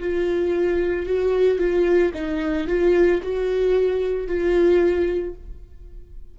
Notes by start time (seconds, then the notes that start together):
0.00 F4
1.06 F#4
1.59 F4
2.14 D#4
2.68 F4
3.23 F#4
4.28 F4